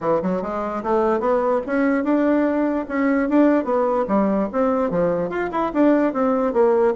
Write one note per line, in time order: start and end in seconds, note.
0.00 0.21 E3
0.22 0.42 F#3
0.42 0.83 G#3
0.83 1.19 A3
1.19 1.60 B3
1.66 2.04 C#4
2.04 2.85 D4
2.88 3.29 C#4
3.29 3.64 D4
3.64 4.05 B3
4.08 4.49 G3
4.52 4.90 C4
4.90 5.29 F3
5.29 5.50 F4
5.51 5.72 E4
5.73 6.13 D4
6.13 6.53 C4
6.53 6.94 A#3